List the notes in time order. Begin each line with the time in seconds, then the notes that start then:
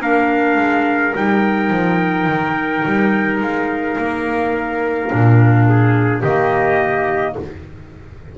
0.00 A#3 D4 A#4 F5
0.57 G#3
1.14 G3 D#4 G5
1.70 F3
2.27 D#3
2.85 G3
3.40 G#3 F5
3.98 A#3
5.09 A#2 D4
5.69 G#4
6.22 D#3 A#3 G4 D#5